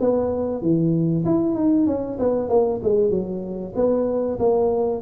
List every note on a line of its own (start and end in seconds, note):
0.00 0.61 B3
0.61 1.24 E3
1.25 1.54 E4
1.54 1.86 D#4
1.86 2.18 C#4
2.18 2.48 B3
2.48 2.80 A#3
2.82 3.10 G#3
3.10 3.73 F#3
3.75 4.38 B3
4.39 5.01 A#3